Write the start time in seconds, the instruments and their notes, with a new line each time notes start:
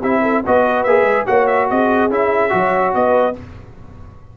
0.00 tuba C4, trombone E4, horn G4, trumpet E5
0.22 horn A4
0.45 tuba B3, trombone F#4, horn B4, trumpet D#5
0.83 tuba A#3, trombone G#4, trumpet E5
1.03 tuba G#3
1.26 tuba A#3, trombone F#4, horn C#5, trumpet F#5
1.47 trumpet E5
1.70 tuba C4, horn G#4, trumpet D#5
2.10 tuba C#4, trombone E4, trumpet E5
2.50 tuba F#3, trombone F#4, horn C#5
2.95 tuba B3, horn B4, trumpet D#5